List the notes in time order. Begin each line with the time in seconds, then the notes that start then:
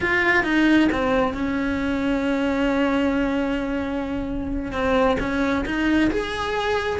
0.00 F4
0.43 D#4
0.91 C4
1.33 C#4
4.71 C4
5.19 C#4
5.65 D#4
6.10 G#4